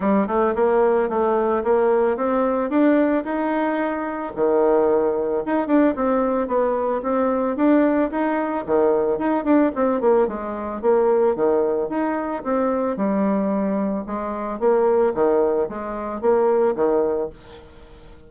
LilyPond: \new Staff \with { instrumentName = "bassoon" } { \time 4/4 \tempo 4 = 111 g8 a8 ais4 a4 ais4 | c'4 d'4 dis'2 | dis2 dis'8 d'8 c'4 | b4 c'4 d'4 dis'4 |
dis4 dis'8 d'8 c'8 ais8 gis4 | ais4 dis4 dis'4 c'4 | g2 gis4 ais4 | dis4 gis4 ais4 dis4 | }